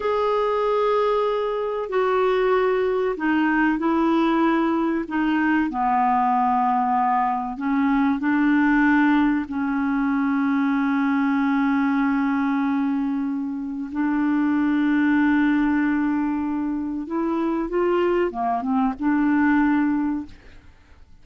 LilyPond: \new Staff \with { instrumentName = "clarinet" } { \time 4/4 \tempo 4 = 95 gis'2. fis'4~ | fis'4 dis'4 e'2 | dis'4 b2. | cis'4 d'2 cis'4~ |
cis'1~ | cis'2 d'2~ | d'2. e'4 | f'4 ais8 c'8 d'2 | }